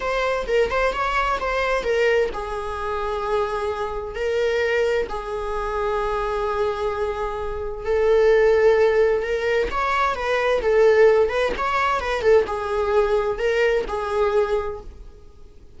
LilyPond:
\new Staff \with { instrumentName = "viola" } { \time 4/4 \tempo 4 = 130 c''4 ais'8 c''8 cis''4 c''4 | ais'4 gis'2.~ | gis'4 ais'2 gis'4~ | gis'1~ |
gis'4 a'2. | ais'4 cis''4 b'4 a'4~ | a'8 b'8 cis''4 b'8 a'8 gis'4~ | gis'4 ais'4 gis'2 | }